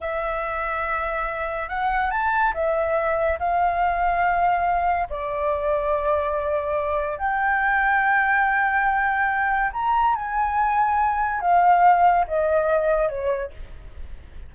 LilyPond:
\new Staff \with { instrumentName = "flute" } { \time 4/4 \tempo 4 = 142 e''1 | fis''4 a''4 e''2 | f''1 | d''1~ |
d''4 g''2.~ | g''2. ais''4 | gis''2. f''4~ | f''4 dis''2 cis''4 | }